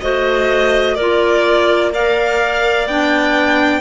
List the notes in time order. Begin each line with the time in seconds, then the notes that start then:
0.00 A3 F#4 C5 D#5
0.95 A#3 F4 A#4 D5
1.91 A#4 D5 F5
2.85 B3 D4 G5